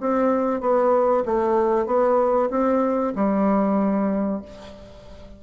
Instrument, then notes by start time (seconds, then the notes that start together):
bassoon
0.00 C4
0.61 B3
1.25 A3
1.86 B3
2.50 C4
3.16 G3